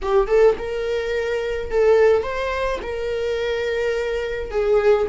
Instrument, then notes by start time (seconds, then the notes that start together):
viola
0.02 G4
0.27 A4
0.58 A#4
1.70 A4
2.22 C5
2.82 A#4
4.50 G#4